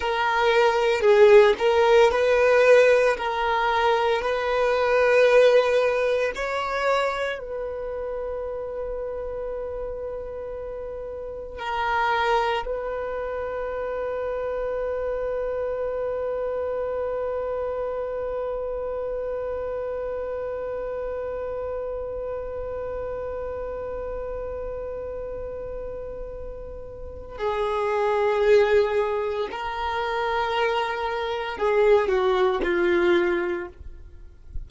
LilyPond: \new Staff \with { instrumentName = "violin" } { \time 4/4 \tempo 4 = 57 ais'4 gis'8 ais'8 b'4 ais'4 | b'2 cis''4 b'4~ | b'2. ais'4 | b'1~ |
b'1~ | b'1~ | b'2 gis'2 | ais'2 gis'8 fis'8 f'4 | }